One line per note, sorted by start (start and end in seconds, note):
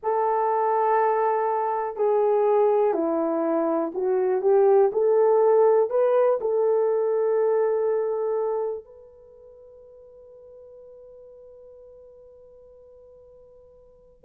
0.02 1.96 A4
1.96 2.93 G#4
2.93 3.92 E4
3.94 4.41 F#4
4.41 4.90 G4
4.92 5.90 A4
5.90 6.39 B4
6.40 8.84 A4
8.84 14.24 B4